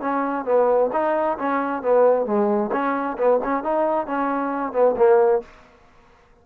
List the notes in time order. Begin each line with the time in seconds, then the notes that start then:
0.00 C#4
0.45 B3
0.92 D#4
1.38 C#4
1.82 B3
2.25 G#3
2.72 C#4
3.17 B3
3.43 C#4
3.63 D#4
4.06 C#4
4.72 B3
4.96 A#3